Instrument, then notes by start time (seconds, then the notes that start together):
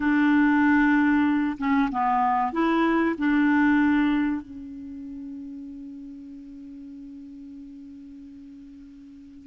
clarinet
0.00 D4
1.58 C#4
1.91 B3
2.52 E4
3.18 D4
4.41 C#4